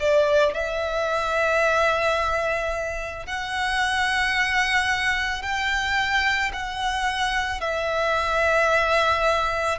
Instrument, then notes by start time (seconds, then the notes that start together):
violin
0.00 D5
0.54 E5
3.26 F#5
5.42 G5
6.53 F#5
7.61 E5